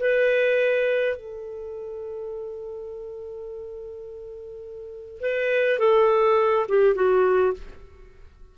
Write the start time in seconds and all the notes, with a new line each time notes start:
0.00 B4
1.17 A4
5.21 B4
5.79 A4
6.69 G4
6.95 F#4